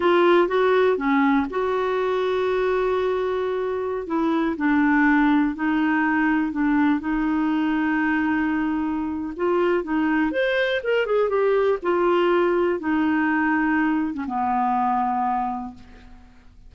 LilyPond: \new Staff \with { instrumentName = "clarinet" } { \time 4/4 \tempo 4 = 122 f'4 fis'4 cis'4 fis'4~ | fis'1~ | fis'16 e'4 d'2 dis'8.~ | dis'4~ dis'16 d'4 dis'4.~ dis'16~ |
dis'2. f'4 | dis'4 c''4 ais'8 gis'8 g'4 | f'2 dis'2~ | dis'8. cis'16 b2. | }